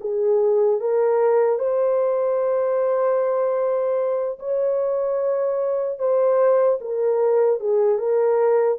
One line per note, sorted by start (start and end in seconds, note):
0.00 0.80 G#4
0.80 1.58 A#4
1.58 4.38 C5
4.39 5.99 C#5
5.99 6.79 C5
6.80 7.60 A#4
7.60 7.98 G#4
7.98 8.78 A#4